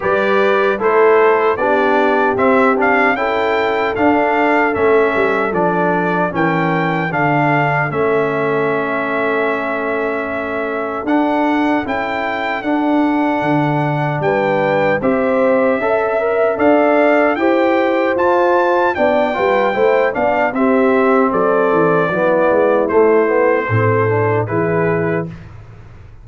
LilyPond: <<
  \new Staff \with { instrumentName = "trumpet" } { \time 4/4 \tempo 4 = 76 d''4 c''4 d''4 e''8 f''8 | g''4 f''4 e''4 d''4 | g''4 f''4 e''2~ | e''2 fis''4 g''4 |
fis''2 g''4 e''4~ | e''4 f''4 g''4 a''4 | g''4. f''8 e''4 d''4~ | d''4 c''2 b'4 | }
  \new Staff \with { instrumentName = "horn" } { \time 4/4 b'4 a'4 g'2 | a'1 | ais'4 a'2.~ | a'1~ |
a'2 b'4 c''4 | e''4 d''4 c''2 | d''8 b'8 c''8 d''8 g'4 a'4 | e'2 a'4 gis'4 | }
  \new Staff \with { instrumentName = "trombone" } { \time 4/4 g'4 e'4 d'4 c'8 d'8 | e'4 d'4 cis'4 d'4 | cis'4 d'4 cis'2~ | cis'2 d'4 e'4 |
d'2. g'4 | a'8 ais'8 a'4 g'4 f'4 | d'8 f'8 e'8 d'8 c'2 | b4 a8 b8 c'8 d'8 e'4 | }
  \new Staff \with { instrumentName = "tuba" } { \time 4/4 g4 a4 b4 c'4 | cis'4 d'4 a8 g8 f4 | e4 d4 a2~ | a2 d'4 cis'4 |
d'4 d4 g4 c'4 | cis'4 d'4 e'4 f'4 | b8 g8 a8 b8 c'4 fis8 e8 | fis8 gis8 a4 a,4 e4 | }
>>